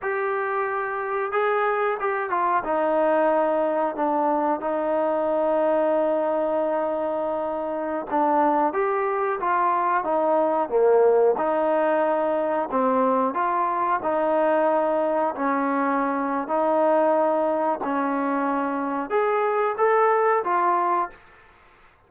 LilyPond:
\new Staff \with { instrumentName = "trombone" } { \time 4/4 \tempo 4 = 91 g'2 gis'4 g'8 f'8 | dis'2 d'4 dis'4~ | dis'1~ | dis'16 d'4 g'4 f'4 dis'8.~ |
dis'16 ais4 dis'2 c'8.~ | c'16 f'4 dis'2 cis'8.~ | cis'4 dis'2 cis'4~ | cis'4 gis'4 a'4 f'4 | }